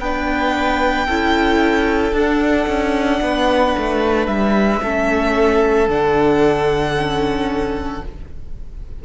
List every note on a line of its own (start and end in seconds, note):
0.00 1.07 B3
0.00 1.09 D4
0.00 1.07 B4
0.00 2.14 G5
1.07 2.13 C#4
1.07 2.15 E4
1.07 3.21 A4
2.13 2.67 D4
2.13 4.83 D4
2.13 4.27 F#5
2.67 3.21 C#4
3.22 3.75 B3
3.22 4.83 B4
3.78 4.28 A3
4.27 4.81 G3
4.27 5.88 E5
4.83 5.88 A3
4.83 5.89 C#4
4.83 8.04 A4
5.88 8.02 D3
5.88 6.96 D4
5.88 8.05 F#5
6.96 8.03 C#4